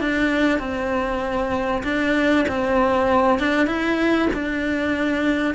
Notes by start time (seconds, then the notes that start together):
0.00 D4
0.59 C4
1.84 D4
2.48 C4
3.39 D4
3.67 E4
4.34 D4